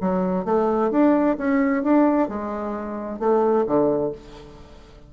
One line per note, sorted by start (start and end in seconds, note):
0.00 0.45 F#3
0.45 0.91 A3
0.91 1.36 D4
1.37 1.83 C#4
1.83 2.28 D4
2.28 3.19 G#3
3.19 3.65 A3
3.66 4.12 D3